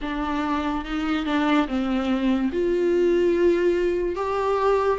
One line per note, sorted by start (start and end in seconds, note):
0.01 0.84 D4
0.84 1.25 D#4
1.25 1.67 D4
1.67 2.50 C4
2.52 4.15 F4
4.15 4.98 G4